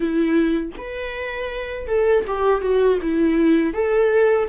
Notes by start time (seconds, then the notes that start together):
0.00 E4
0.77 B4
1.87 A4
2.27 G4
2.61 F#4
3.01 E4
3.73 A4